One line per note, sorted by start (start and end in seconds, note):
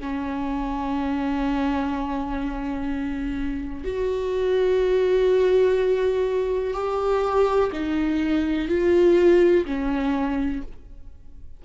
0.00 3.84 C#4
3.84 6.74 F#4
6.74 7.71 G4
7.72 8.68 D#4
8.68 9.65 F4
9.66 10.62 C#4